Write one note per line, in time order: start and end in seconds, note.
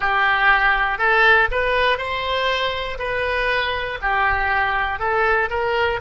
0.00 0.98 G4
0.98 1.48 A4
1.50 1.98 B4
1.98 2.98 C5
2.99 3.99 B4
4.01 4.99 G4
4.99 5.49 A4
5.50 6.00 A#4